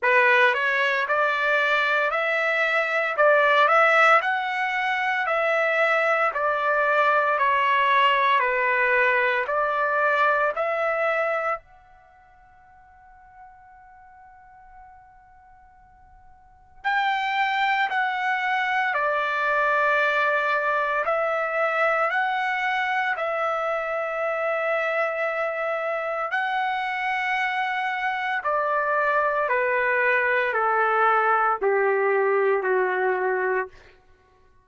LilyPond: \new Staff \with { instrumentName = "trumpet" } { \time 4/4 \tempo 4 = 57 b'8 cis''8 d''4 e''4 d''8 e''8 | fis''4 e''4 d''4 cis''4 | b'4 d''4 e''4 fis''4~ | fis''1 |
g''4 fis''4 d''2 | e''4 fis''4 e''2~ | e''4 fis''2 d''4 | b'4 a'4 g'4 fis'4 | }